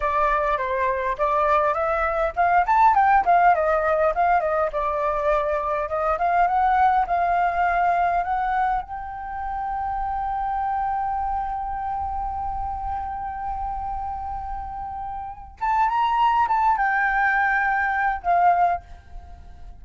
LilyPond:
\new Staff \with { instrumentName = "flute" } { \time 4/4 \tempo 4 = 102 d''4 c''4 d''4 e''4 | f''8 a''8 g''8 f''8 dis''4 f''8 dis''8 | d''2 dis''8 f''8 fis''4 | f''2 fis''4 g''4~ |
g''1~ | g''1~ | g''2~ g''8 a''8 ais''4 | a''8 g''2~ g''8 f''4 | }